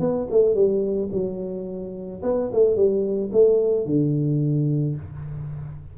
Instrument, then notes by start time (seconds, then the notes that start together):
tuba
0.00 B3
0.31 A3
0.55 G3
1.12 F#3
2.23 B3
2.53 A3
2.76 G3
3.33 A3
3.86 D3